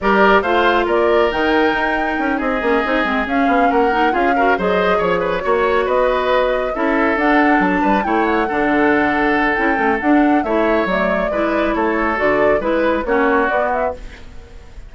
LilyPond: <<
  \new Staff \with { instrumentName = "flute" } { \time 4/4 \tempo 4 = 138 d''4 f''4 d''4 g''4~ | g''4. dis''2 f''8~ | f''8 fis''4 f''4 dis''4 cis''8~ | cis''4. dis''2 e''8~ |
e''8 fis''4 a''4 g''8 fis''4~ | fis''2 g''4 fis''4 | e''4 d''2 cis''4 | d''4 b'4 cis''4 d''8 e''8 | }
  \new Staff \with { instrumentName = "oboe" } { \time 4/4 ais'4 c''4 ais'2~ | ais'4. gis'2~ gis'8~ | gis'8 ais'4 gis'8 ais'8 c''4 cis''8 | b'8 cis''4 b'2 a'8~ |
a'2 b'8 cis''4 a'8~ | a'1 | cis''2 b'4 a'4~ | a'4 b'4 fis'2 | }
  \new Staff \with { instrumentName = "clarinet" } { \time 4/4 g'4 f'2 dis'4~ | dis'2 cis'8 dis'8 c'8 cis'8~ | cis'4 dis'8 f'8 fis'8 gis'4.~ | gis'8 fis'2. e'8~ |
e'8 d'2 e'4 d'8~ | d'2 e'8 cis'8 d'4 | e'4 a4 e'2 | fis'4 e'4 cis'4 b4 | }
  \new Staff \with { instrumentName = "bassoon" } { \time 4/4 g4 a4 ais4 dis4 | dis'4 cis'8 c'8 ais8 c'8 gis8 cis'8 | b8 ais4 cis'4 fis4 f8~ | f8 ais4 b2 cis'8~ |
cis'8 d'4 fis8 g8 a4 d8~ | d2 cis'8 a8 d'4 | a4 fis4 gis4 a4 | d4 gis4 ais4 b4 | }
>>